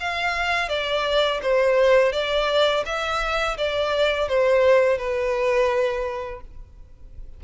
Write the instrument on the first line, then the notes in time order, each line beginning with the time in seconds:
violin
0.00 F5
0.69 D5
1.42 C5
2.12 D5
2.85 E5
3.57 D5
4.28 C5
4.98 B4